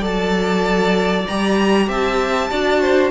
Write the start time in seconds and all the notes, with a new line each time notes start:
0.00 F#3 A4 D5 A5
1.27 G3 G4 A#5
1.88 C4 E5 A5
2.50 D4 F#4 D5
2.81 C5